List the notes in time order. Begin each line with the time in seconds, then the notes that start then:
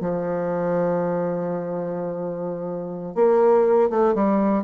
0.00 F3
3.15 A#3
3.90 A3
4.14 G3